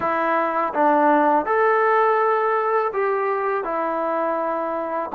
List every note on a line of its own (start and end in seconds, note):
0.00 0.73 E4
0.74 1.45 D4
1.45 2.91 A4
2.92 3.64 G4
3.64 5.10 E4